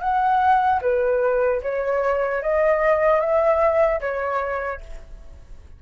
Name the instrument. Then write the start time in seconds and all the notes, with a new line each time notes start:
flute
0.00 F#5
0.81 B4
1.63 C#5
2.42 D#5
3.20 E5
4.01 C#5